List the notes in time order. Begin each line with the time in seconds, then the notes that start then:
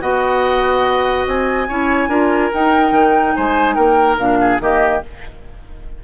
0.00 B3 F#4 D#5 F#5
1.26 C4 G#5
1.68 C#4 E4 C#5
2.07 D4 F4 A#4
2.53 D#4 G5
2.91 D#3
3.36 G#3 C5 G#5
3.74 A#3 A#4 G5
4.17 A#2 D4 F5
4.40 G#4
4.59 D#3 A#3 G4 D#5